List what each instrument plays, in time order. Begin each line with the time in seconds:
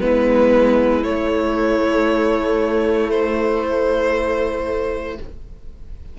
0.00 cello G#3, viola B3, violin E4 B4
1.04 cello A3, viola A3, violin C#5
3.11 violin C5